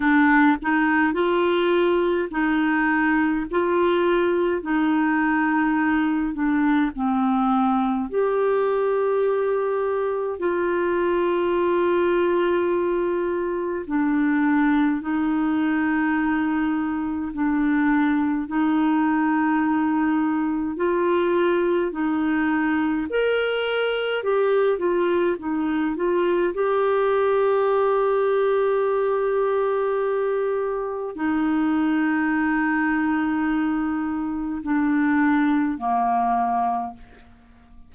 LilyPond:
\new Staff \with { instrumentName = "clarinet" } { \time 4/4 \tempo 4 = 52 d'8 dis'8 f'4 dis'4 f'4 | dis'4. d'8 c'4 g'4~ | g'4 f'2. | d'4 dis'2 d'4 |
dis'2 f'4 dis'4 | ais'4 g'8 f'8 dis'8 f'8 g'4~ | g'2. dis'4~ | dis'2 d'4 ais4 | }